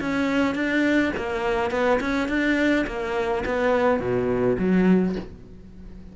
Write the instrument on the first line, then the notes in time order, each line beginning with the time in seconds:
cello
0.00 C#4
0.54 D4
1.16 A#3
1.70 B3
2.00 C#4
2.28 D4
2.86 A#3
3.45 B3
3.99 B2
4.58 F#3